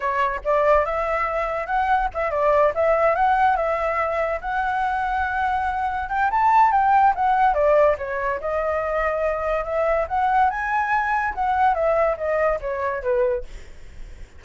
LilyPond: \new Staff \with { instrumentName = "flute" } { \time 4/4 \tempo 4 = 143 cis''4 d''4 e''2 | fis''4 e''8 d''4 e''4 fis''8~ | fis''8 e''2 fis''4.~ | fis''2~ fis''8 g''8 a''4 |
g''4 fis''4 d''4 cis''4 | dis''2. e''4 | fis''4 gis''2 fis''4 | e''4 dis''4 cis''4 b'4 | }